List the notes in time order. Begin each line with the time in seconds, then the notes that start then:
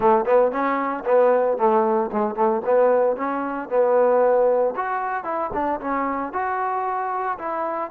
0.00 A3
0.25 B3
0.51 C#4
1.05 B3
1.57 A3
2.12 G#3
2.35 A3
2.65 B3
3.16 C#4
3.69 B3
4.76 F#4
5.24 E4
5.53 D4
5.80 C#4
6.33 F#4
7.38 E4